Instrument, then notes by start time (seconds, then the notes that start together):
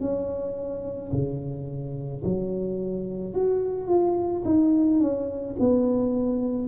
tuba
0.00 C#4
1.12 C#3
2.24 F#3
3.34 F#4
3.87 F4
4.45 D#4
5.00 C#4
5.59 B3